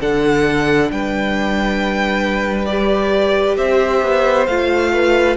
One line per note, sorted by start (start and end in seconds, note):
0.00 0.91 D3
0.00 2.69 D4
0.00 0.90 A4
0.00 0.91 F#5
0.91 3.57 G3
0.91 3.58 B4
0.91 2.66 G5
2.66 4.48 G4
2.66 3.55 D5
3.57 4.02 C4
3.57 4.92 C5
3.57 4.47 E5
4.03 4.47 B3
4.47 5.37 A3
4.47 5.37 F4
4.47 5.36 F5
4.93 5.37 B4